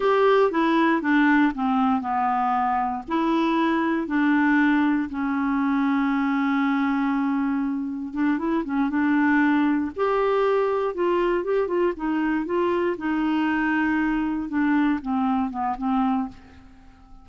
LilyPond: \new Staff \with { instrumentName = "clarinet" } { \time 4/4 \tempo 4 = 118 g'4 e'4 d'4 c'4 | b2 e'2 | d'2 cis'2~ | cis'1 |
d'8 e'8 cis'8 d'2 g'8~ | g'4. f'4 g'8 f'8 dis'8~ | dis'8 f'4 dis'2~ dis'8~ | dis'8 d'4 c'4 b8 c'4 | }